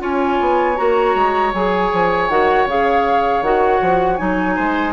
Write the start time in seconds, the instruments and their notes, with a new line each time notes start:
0.00 bassoon C#4, clarinet F4, oboe C#5, flute G#5
0.41 bassoon B3
0.77 bassoon A#3, clarinet F#4, flute A#5
1.15 bassoon G#3
1.54 bassoon F#3, clarinet G#4, flute G#5
1.93 bassoon F3
2.29 bassoon D#3, clarinet F#4, flute F#5
2.66 bassoon C#3, clarinet G#4, flute F5
3.42 bassoon D#3, clarinet F#4, flute F#5
3.81 bassoon F3
4.17 bassoon F#3, clarinet D#4, flute G#5
4.56 bassoon G#3, oboe C5